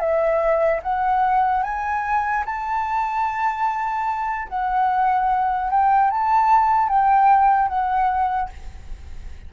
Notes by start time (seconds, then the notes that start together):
0.00 E5
0.83 F#5
1.63 G#5
2.46 A5
4.49 F#5
5.71 G5
6.11 A5
6.89 G5
7.69 F#5